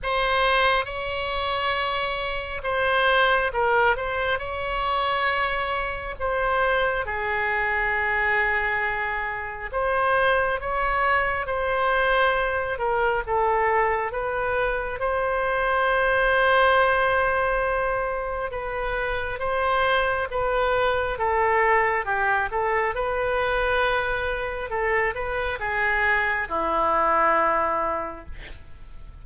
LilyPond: \new Staff \with { instrumentName = "oboe" } { \time 4/4 \tempo 4 = 68 c''4 cis''2 c''4 | ais'8 c''8 cis''2 c''4 | gis'2. c''4 | cis''4 c''4. ais'8 a'4 |
b'4 c''2.~ | c''4 b'4 c''4 b'4 | a'4 g'8 a'8 b'2 | a'8 b'8 gis'4 e'2 | }